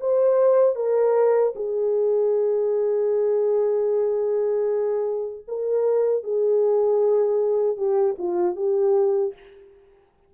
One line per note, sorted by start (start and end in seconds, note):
0.00 0.76 C5
0.76 1.54 A#4
1.55 5.45 G#4
5.48 6.23 A#4
6.23 7.77 G#4
7.77 8.16 G4
8.18 8.56 F4
8.56 9.34 G4